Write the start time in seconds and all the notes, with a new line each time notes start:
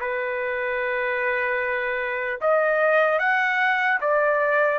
0.00 B4
2.41 D#5
3.19 F#5
4.01 D5